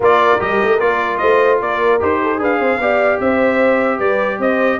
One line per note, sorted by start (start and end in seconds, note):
0.00 0.36 A#3
0.00 0.39 F4
0.00 1.18 A#4
0.00 0.41 D5
0.39 0.61 G3
0.39 0.79 G4
0.39 0.79 D#5
0.62 0.80 A3
0.79 1.20 A#3
0.79 1.99 F4
0.79 1.17 D5
1.17 1.61 A3
1.17 1.60 C5
1.17 1.57 D#5
1.60 2.01 A#3
1.60 2.20 A#4
1.60 2.01 D5
2.00 2.39 D#4
2.00 2.39 G4
2.00 2.43 C5
2.23 2.39 A4
2.39 2.59 D4
2.39 2.79 G#4
2.39 2.59 B4
2.39 3.20 F5
2.59 2.78 C4
2.59 2.80 C5
2.78 3.18 B3
2.78 4.79 G4
2.78 3.21 D5
3.19 3.99 C4
3.19 3.98 C5
3.19 3.99 E5
3.98 4.39 G3
3.98 4.38 B4
3.98 4.39 D5
4.39 4.79 C4
4.39 4.79 C5
4.39 4.79 D#5